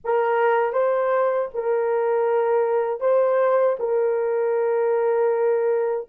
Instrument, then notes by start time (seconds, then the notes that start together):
horn
0.04 A#4
0.72 C5
1.54 A#4
3.00 C5
3.79 A#4